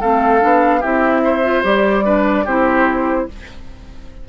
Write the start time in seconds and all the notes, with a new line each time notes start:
0.00 A3 C4 A4 F5
0.40 B3 D4
0.80 C4 E4 G4 E5
1.24 C5
1.43 F4
1.63 G3 G4 D5
2.04 D4 B4
2.44 C4 E4 G4 C5